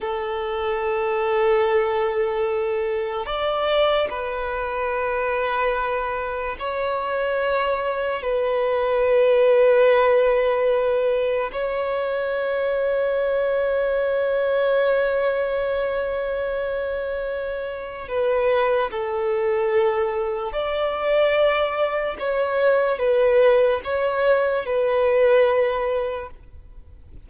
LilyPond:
\new Staff \with { instrumentName = "violin" } { \time 4/4 \tempo 4 = 73 a'1 | d''4 b'2. | cis''2 b'2~ | b'2 cis''2~ |
cis''1~ | cis''2 b'4 a'4~ | a'4 d''2 cis''4 | b'4 cis''4 b'2 | }